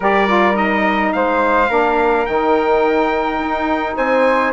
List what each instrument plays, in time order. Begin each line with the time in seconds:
0.00 bassoon G3, saxophone G4, flute A#4, trumpet D5
0.27 saxophone F4
0.52 saxophone D#4, trumpet D#5
1.12 bassoon G#3, flute C5, trumpet F5
1.69 bassoon A#3, saxophone D4, flute A#4
2.26 bassoon D#3, saxophone D#4, trumpet G5
3.39 bassoon D#4
3.96 bassoon C4, flute C5, trumpet G#5